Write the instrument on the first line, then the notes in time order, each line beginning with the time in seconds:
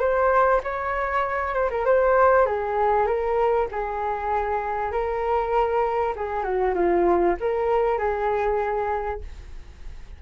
flute
0.00 C5
0.64 C#5
1.55 C5
1.70 A#4
1.86 C5
2.46 G#4
3.07 A#4
3.72 G#4
4.92 A#4
6.16 G#4
6.44 F#4
6.75 F4
7.40 A#4
7.98 G#4